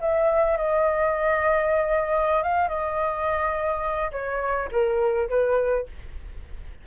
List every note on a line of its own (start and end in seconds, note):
0.00 0.57 E5
0.57 2.43 D#5
2.43 2.68 F5
2.68 4.11 D#5
4.11 4.69 C#5
4.71 5.28 A#4
5.29 5.86 B4